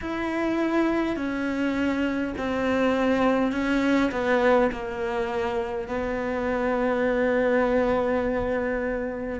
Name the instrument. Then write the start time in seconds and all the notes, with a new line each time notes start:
cello
0.01 E4
1.16 C#4
2.37 C4
3.51 C#4
4.11 B3
4.72 A#3
5.88 B3